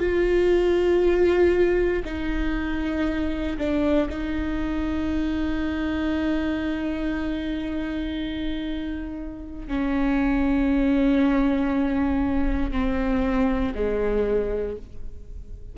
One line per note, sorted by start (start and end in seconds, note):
0.00 2.03 F4
2.05 3.57 D#4
3.58 4.09 D4
4.10 9.68 D#4
9.68 12.72 C#4
12.72 13.74 C4
13.75 14.76 G#3